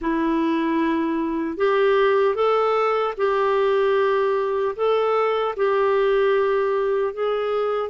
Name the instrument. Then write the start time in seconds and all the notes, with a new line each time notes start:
clarinet
0.01 E4
1.57 G4
2.35 A4
3.17 G4
4.75 A4
5.56 G4
7.13 G#4